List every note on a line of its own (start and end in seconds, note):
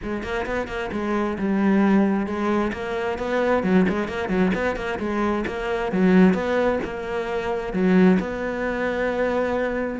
0.02 0.23 G#3
0.23 0.45 A#3
0.46 0.67 B3
0.67 0.90 A#3
0.92 1.37 G#3
1.38 2.26 G3
2.26 2.71 G#3
2.73 3.18 A#3
3.18 3.63 B3
3.63 3.85 F#3
3.88 4.08 G#3
4.08 4.29 A#3
4.29 4.51 F#3
4.54 4.75 B3
4.75 4.98 A#3
4.99 5.44 G#3
5.46 5.92 A#3
5.92 6.33 F#3
6.33 6.79 B3
6.84 7.73 A#3
7.73 8.18 F#3
8.19 9.99 B3